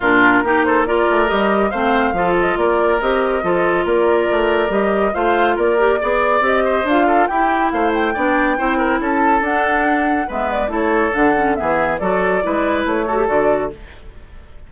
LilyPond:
<<
  \new Staff \with { instrumentName = "flute" } { \time 4/4 \tempo 4 = 140 ais'4. c''8 d''4 dis''4 | f''4. dis''8 d''4 dis''4~ | dis''4 d''2 dis''4 | f''4 d''2 dis''4 |
f''4 g''4 f''8 g''4.~ | g''4 a''4 fis''2 | e''8 d''8 cis''4 fis''4 e''4 | d''2 cis''4 d''4 | }
  \new Staff \with { instrumentName = "oboe" } { \time 4/4 f'4 g'8 a'8 ais'2 | c''4 a'4 ais'2 | a'4 ais'2. | c''4 ais'4 d''4. c''8~ |
c''8 a'8 g'4 c''4 d''4 | c''8 ais'8 a'2. | b'4 a'2 gis'4 | a'4 b'4. a'4. | }
  \new Staff \with { instrumentName = "clarinet" } { \time 4/4 d'4 dis'4 f'4 g'4 | c'4 f'2 g'4 | f'2. g'4 | f'4. g'8 gis'4 g'4 |
f'4 e'2 d'4 | e'2 d'2 | b4 e'4 d'8 cis'8 b4 | fis'4 e'4. fis'16 g'16 fis'4 | }
  \new Staff \with { instrumentName = "bassoon" } { \time 4/4 ais,4 ais4. a8 g4 | a4 f4 ais4 c'4 | f4 ais4 a4 g4 | a4 ais4 b4 c'4 |
d'4 e'4 a4 b4 | c'4 cis'4 d'2 | gis4 a4 d4 e4 | fis4 gis4 a4 d4 | }
>>